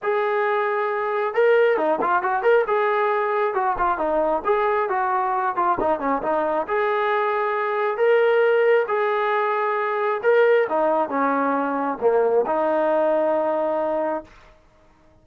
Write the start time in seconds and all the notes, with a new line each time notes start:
0.02 G#4
1.34 A#4
1.77 D#4
2.01 F4
2.22 F#4
2.42 A#4
2.67 G#4
3.54 F#4
3.78 F4
3.97 D#4
4.44 G#4
4.89 F#4
5.56 F4
5.80 D#4
5.99 C#4
6.22 D#4
6.67 G#4
7.97 A#4
8.87 G#4
10.23 A#4
10.69 D#4
11.09 C#4
12.00 A#3
12.46 D#4